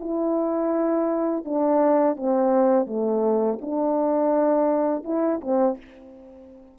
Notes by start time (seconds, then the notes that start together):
0.00 E4
1.45 D4
2.16 C4
2.86 A3
3.61 D4
5.04 E4
5.41 C4